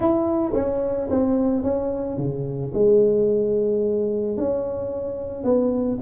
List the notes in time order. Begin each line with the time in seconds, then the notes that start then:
0.00 E4
0.54 C#4
1.10 C4
1.63 C#4
2.17 C#3
2.74 G#3
4.37 C#4
5.43 B3